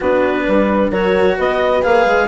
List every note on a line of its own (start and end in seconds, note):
0.00 0.47 B3
0.00 0.92 D4
0.00 0.45 F#4
0.00 0.92 B4
0.46 0.91 G3
0.46 0.90 B4
0.90 1.37 F#3
0.90 1.82 F#4
0.90 1.36 A#4
0.90 1.37 C#5
1.37 1.84 B3
1.37 2.28 B4
1.37 1.83 D#5
1.82 2.05 A#3
1.82 2.28 G#4
1.82 2.28 F5
2.05 2.28 G#3